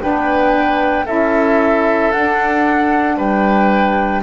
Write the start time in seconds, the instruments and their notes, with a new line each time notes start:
0.00 double bass B3, saxophone D4, oboe B4, flute G5
1.05 double bass C#4, saxophone E4, oboe A4, flute E5
2.12 double bass D4, saxophone D4, flute F#5
3.17 double bass G3, oboe B4, flute G5